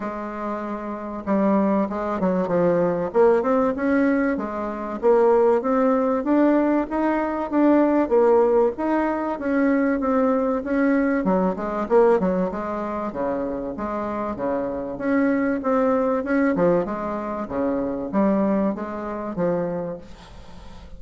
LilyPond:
\new Staff \with { instrumentName = "bassoon" } { \time 4/4 \tempo 4 = 96 gis2 g4 gis8 fis8 | f4 ais8 c'8 cis'4 gis4 | ais4 c'4 d'4 dis'4 | d'4 ais4 dis'4 cis'4 |
c'4 cis'4 fis8 gis8 ais8 fis8 | gis4 cis4 gis4 cis4 | cis'4 c'4 cis'8 f8 gis4 | cis4 g4 gis4 f4 | }